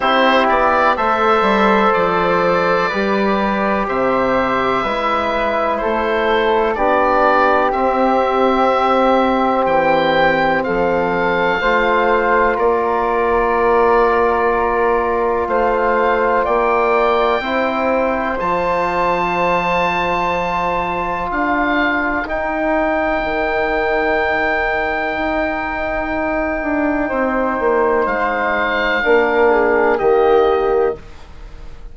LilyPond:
<<
  \new Staff \with { instrumentName = "oboe" } { \time 4/4 \tempo 4 = 62 c''8 d''8 e''4 d''2 | e''2 c''4 d''4 | e''2 g''4 f''4~ | f''4 d''2. |
f''4 g''2 a''4~ | a''2 f''4 g''4~ | g''1~ | g''4 f''2 dis''4 | }
  \new Staff \with { instrumentName = "flute" } { \time 4/4 g'4 c''2 b'4 | c''4 b'4 a'4 g'4~ | g'2. a'4 | c''4 ais'2. |
c''4 d''4 c''2~ | c''2 ais'2~ | ais'1 | c''2 ais'8 gis'8 g'4 | }
  \new Staff \with { instrumentName = "trombone" } { \time 4/4 e'4 a'2 g'4~ | g'4 e'2 d'4 | c'1 | f'1~ |
f'2 e'4 f'4~ | f'2. dis'4~ | dis'1~ | dis'2 d'4 ais4 | }
  \new Staff \with { instrumentName = "bassoon" } { \time 4/4 c'8 b8 a8 g8 f4 g4 | c4 gis4 a4 b4 | c'2 e4 f4 | a4 ais2. |
a4 ais4 c'4 f4~ | f2 d'4 dis'4 | dis2 dis'4. d'8 | c'8 ais8 gis4 ais4 dis4 | }
>>